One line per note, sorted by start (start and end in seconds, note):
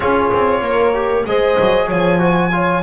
0.00 0.30 C#4
0.00 0.93 F4
0.00 0.62 G#4
0.00 1.26 C#5
0.33 0.61 C4
0.61 1.24 A#3
0.61 1.26 A#4
0.93 1.24 G4
1.25 1.57 G#3
1.25 2.18 G#4
1.25 1.88 C5
1.25 1.89 D#5
1.59 1.91 F#3
1.88 2.82 F3
1.88 2.19 C#5
1.88 2.82 G#5
2.18 2.50 F#4
2.18 2.52 C5
2.51 2.82 F4
2.51 2.82 C#5